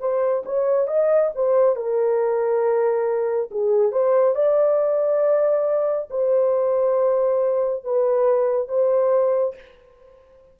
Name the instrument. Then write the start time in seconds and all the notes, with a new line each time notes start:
horn
0.00 C5
0.45 C#5
0.88 D#5
1.35 C5
1.76 A#4
3.51 G#4
3.92 C5
4.35 D5
6.10 C5
7.84 B4
8.68 C5